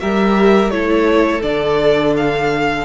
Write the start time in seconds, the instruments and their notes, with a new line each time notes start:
0.00 cello G3, viola G4, violin A#4 E5
0.69 cello A3, viola E4, violin A4 C#5
1.42 cello D3, viola D4, violin D5
2.17 violin F5